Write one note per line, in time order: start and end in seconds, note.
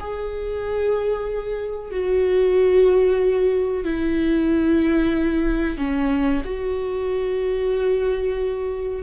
0.00 1.91 G#4
1.91 3.84 F#4
3.84 5.77 E4
5.77 6.42 C#4
6.45 9.03 F#4